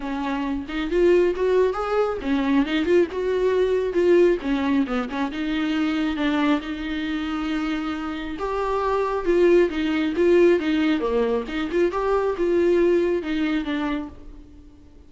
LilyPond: \new Staff \with { instrumentName = "viola" } { \time 4/4 \tempo 4 = 136 cis'4. dis'8 f'4 fis'4 | gis'4 cis'4 dis'8 f'8 fis'4~ | fis'4 f'4 cis'4 b8 cis'8 | dis'2 d'4 dis'4~ |
dis'2. g'4~ | g'4 f'4 dis'4 f'4 | dis'4 ais4 dis'8 f'8 g'4 | f'2 dis'4 d'4 | }